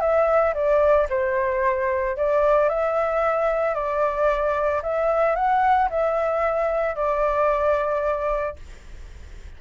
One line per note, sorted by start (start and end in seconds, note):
0.00 0.54 E5
0.54 1.07 D5
1.09 2.16 C5
2.16 2.69 D5
2.69 3.75 E5
3.75 4.82 D5
4.82 5.35 E5
5.35 5.89 F#5
5.89 6.95 E5
6.95 8.56 D5